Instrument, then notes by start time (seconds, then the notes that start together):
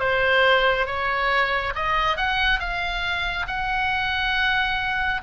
oboe
0.00 C5
0.87 C#5
1.76 D#5
2.17 F#5
2.60 F5
3.47 F#5